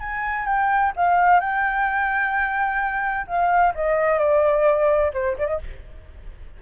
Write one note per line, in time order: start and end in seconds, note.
0.00 0.46 G#5
0.46 0.93 G5
0.96 1.41 F5
1.41 3.27 G5
3.27 3.74 F5
3.75 4.19 D#5
4.19 5.12 D5
5.14 5.37 C5
5.38 5.48 D5
5.48 5.59 D#5